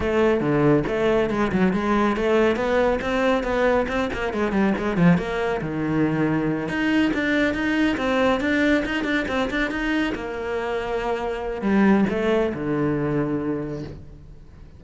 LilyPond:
\new Staff \with { instrumentName = "cello" } { \time 4/4 \tempo 4 = 139 a4 d4 a4 gis8 fis8 | gis4 a4 b4 c'4 | b4 c'8 ais8 gis8 g8 gis8 f8 | ais4 dis2~ dis8 dis'8~ |
dis'8 d'4 dis'4 c'4 d'8~ | d'8 dis'8 d'8 c'8 d'8 dis'4 ais8~ | ais2. g4 | a4 d2. | }